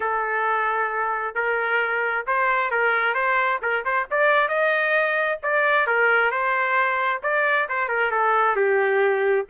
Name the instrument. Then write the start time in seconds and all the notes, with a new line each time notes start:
trumpet
0.00 A4
1.35 A#4
2.27 C5
2.70 A#4
3.14 C5
3.62 A#4
3.84 C5
4.10 D5
4.48 D#5
5.43 D5
5.86 A#4
6.31 C5
7.23 D5
7.68 C5
7.88 A#4
8.11 A4
8.55 G4